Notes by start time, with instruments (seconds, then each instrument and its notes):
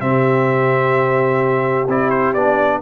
0.00 tuba C3, trombone C4, horn G4, trumpet E5
1.88 tuba C4, trombone E4, trumpet D5
2.10 trumpet C5
2.33 tuba B3, trombone D4, trumpet D5